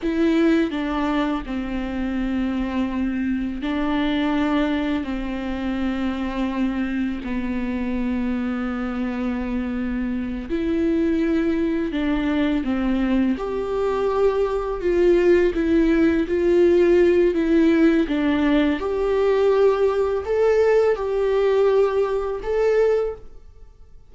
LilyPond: \new Staff \with { instrumentName = "viola" } { \time 4/4 \tempo 4 = 83 e'4 d'4 c'2~ | c'4 d'2 c'4~ | c'2 b2~ | b2~ b8 e'4.~ |
e'8 d'4 c'4 g'4.~ | g'8 f'4 e'4 f'4. | e'4 d'4 g'2 | a'4 g'2 a'4 | }